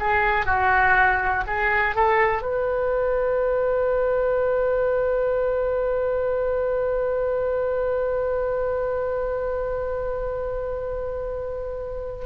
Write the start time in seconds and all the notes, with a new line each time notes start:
0.00 G#4
0.46 F#4
1.48 G#4
1.95 A4
2.42 B4